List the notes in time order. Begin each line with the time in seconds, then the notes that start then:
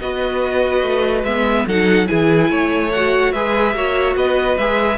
0.00 B3 F#4 B4 D#5
0.82 A3
1.23 G#3 B3 E5
1.66 F#3 D#4 A4 F#5
2.06 E3 E4 G#4 G#5
2.49 A3 C#5
2.91 F#4 F#5
3.32 G#3 G#4 B4 E5
3.74 A#3 F#4 C#5
4.14 B3 B4 D#5
4.58 G#3 G#4 E5